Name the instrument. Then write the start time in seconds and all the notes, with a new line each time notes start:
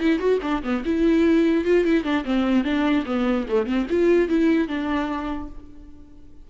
viola
0.00 E4
0.19 F#4
0.42 D4
0.63 B3
0.85 E4
1.65 F4
1.85 E4
2.04 D4
2.25 C4
2.64 D4
3.06 B3
3.49 A3
3.67 C4
3.90 F4
4.29 E4
4.68 D4